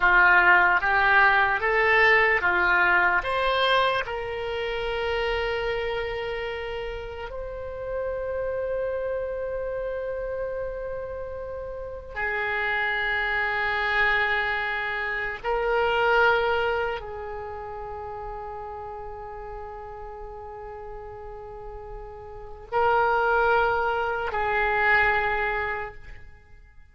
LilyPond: \new Staff \with { instrumentName = "oboe" } { \time 4/4 \tempo 4 = 74 f'4 g'4 a'4 f'4 | c''4 ais'2.~ | ais'4 c''2.~ | c''2. gis'4~ |
gis'2. ais'4~ | ais'4 gis'2.~ | gis'1 | ais'2 gis'2 | }